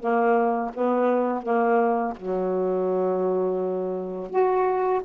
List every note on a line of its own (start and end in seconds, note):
0.00 0.71 A#3
0.74 1.43 B3
1.43 2.14 A#3
2.17 4.31 F#3
4.31 5.02 F#4